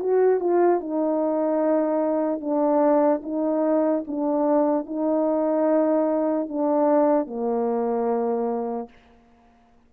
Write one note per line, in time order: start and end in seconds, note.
0.00 0.40 F#4
0.40 0.81 F4
0.81 2.41 D#4
2.41 3.22 D4
3.24 4.05 D#4
4.08 4.86 D4
4.86 6.49 D#4
6.49 7.27 D4
7.27 8.89 A#3